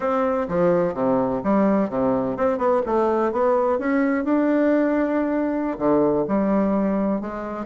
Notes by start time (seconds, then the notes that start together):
0.00 C4
0.48 F3
0.94 C3
1.43 G3
1.89 C3
2.36 C4
2.57 B3
2.86 A3
3.32 B3
3.79 C#4
4.24 D4
5.78 D3
6.27 G3
7.20 G#3